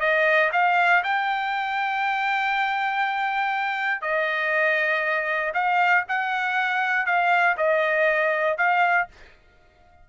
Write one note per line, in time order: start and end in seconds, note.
0.00 0.50 D#5
0.52 1.03 F5
1.04 4.02 G5
4.02 5.53 D#5
5.54 6.04 F5
6.08 7.06 F#5
7.06 7.57 F5
7.57 8.57 D#5
8.57 9.08 F5